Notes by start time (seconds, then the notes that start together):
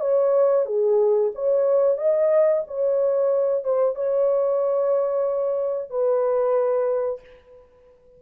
0.00 C#5
0.66 G#4
1.35 C#5
1.97 D#5
2.67 C#5
3.64 C5
3.95 C#5
5.90 B4